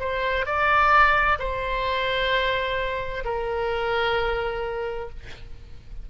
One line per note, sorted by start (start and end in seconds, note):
0.00 0.46 C5
0.46 1.38 D5
1.40 3.24 C5
3.25 5.10 A#4